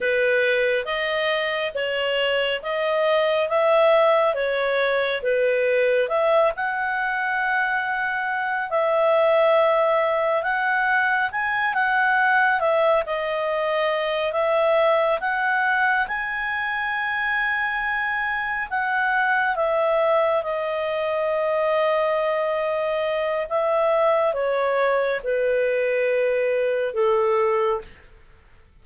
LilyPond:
\new Staff \with { instrumentName = "clarinet" } { \time 4/4 \tempo 4 = 69 b'4 dis''4 cis''4 dis''4 | e''4 cis''4 b'4 e''8 fis''8~ | fis''2 e''2 | fis''4 gis''8 fis''4 e''8 dis''4~ |
dis''8 e''4 fis''4 gis''4.~ | gis''4. fis''4 e''4 dis''8~ | dis''2. e''4 | cis''4 b'2 a'4 | }